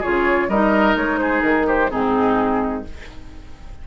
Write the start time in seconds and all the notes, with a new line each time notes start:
0.00 F4 G#4 C#5
0.06 C#3
0.49 G3 D#4 A#4 D#5
0.95 G#3 C#5
1.18 G#4 C5
1.41 D#3 A#4
1.67 G4 C5
1.90 G#2 C4 D#4 G#4